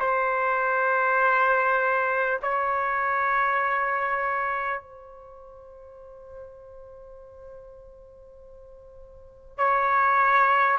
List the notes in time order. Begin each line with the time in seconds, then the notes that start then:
0.00 C5
2.43 C#5
4.82 C5
9.58 C#5